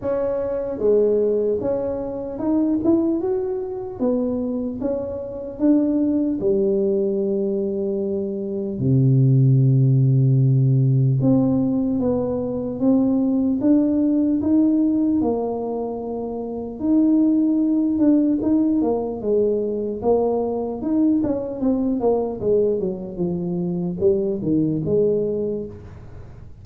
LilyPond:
\new Staff \with { instrumentName = "tuba" } { \time 4/4 \tempo 4 = 75 cis'4 gis4 cis'4 dis'8 e'8 | fis'4 b4 cis'4 d'4 | g2. c4~ | c2 c'4 b4 |
c'4 d'4 dis'4 ais4~ | ais4 dis'4. d'8 dis'8 ais8 | gis4 ais4 dis'8 cis'8 c'8 ais8 | gis8 fis8 f4 g8 dis8 gis4 | }